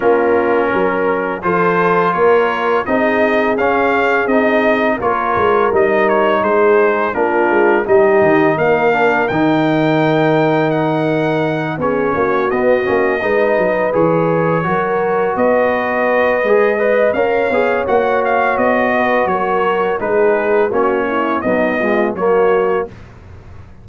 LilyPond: <<
  \new Staff \with { instrumentName = "trumpet" } { \time 4/4 \tempo 4 = 84 ais'2 c''4 cis''4 | dis''4 f''4 dis''4 cis''4 | dis''8 cis''8 c''4 ais'4 dis''4 | f''4 g''2 fis''4~ |
fis''8 cis''4 dis''2 cis''8~ | cis''4. dis''2~ dis''8 | f''4 fis''8 f''8 dis''4 cis''4 | b'4 cis''4 dis''4 cis''4 | }
  \new Staff \with { instrumentName = "horn" } { \time 4/4 f'4 ais'4 a'4 ais'4 | gis'2. ais'4~ | ais'4 gis'4 f'4 g'4 | ais'1~ |
ais'8 gis'8 fis'4. b'4.~ | b'8 ais'4 b'2 dis''8 | cis''2~ cis''8 b'8 ais'4 | gis'4 fis'8 e'8 dis'8 f'8 fis'4 | }
  \new Staff \with { instrumentName = "trombone" } { \time 4/4 cis'2 f'2 | dis'4 cis'4 dis'4 f'4 | dis'2 d'4 dis'4~ | dis'8 d'8 dis'2.~ |
dis'8 cis'4 b8 cis'8 dis'4 gis'8~ | gis'8 fis'2~ fis'8 gis'8 b'8 | ais'8 gis'8 fis'2. | dis'4 cis'4 fis8 gis8 ais4 | }
  \new Staff \with { instrumentName = "tuba" } { \time 4/4 ais4 fis4 f4 ais4 | c'4 cis'4 c'4 ais8 gis8 | g4 gis4 ais8 gis8 g8 dis8 | ais4 dis2.~ |
dis8 b8 ais8 b8 ais8 gis8 fis8 e8~ | e8 fis4 b4. gis4 | cis'8 b8 ais4 b4 fis4 | gis4 ais4 b4 fis4 | }
>>